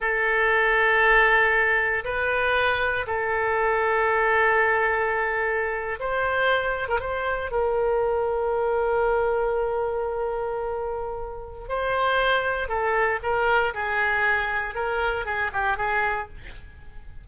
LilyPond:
\new Staff \with { instrumentName = "oboe" } { \time 4/4 \tempo 4 = 118 a'1 | b'2 a'2~ | a'2.~ a'8. c''16~ | c''4. ais'16 c''4 ais'4~ ais'16~ |
ais'1~ | ais'2. c''4~ | c''4 a'4 ais'4 gis'4~ | gis'4 ais'4 gis'8 g'8 gis'4 | }